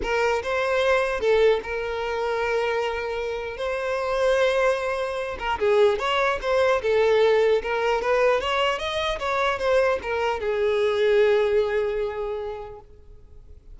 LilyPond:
\new Staff \with { instrumentName = "violin" } { \time 4/4 \tempo 4 = 150 ais'4 c''2 a'4 | ais'1~ | ais'4 c''2.~ | c''4. ais'8 gis'4 cis''4 |
c''4 a'2 ais'4 | b'4 cis''4 dis''4 cis''4 | c''4 ais'4 gis'2~ | gis'1 | }